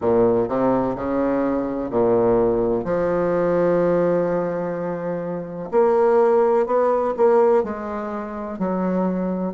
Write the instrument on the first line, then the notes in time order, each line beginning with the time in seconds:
bassoon
0.01 A#2
0.48 C3
0.95 C#3
1.90 A#2
2.84 F3
5.71 A#3
6.66 B3
7.16 A#3
7.63 G#3
8.58 F#3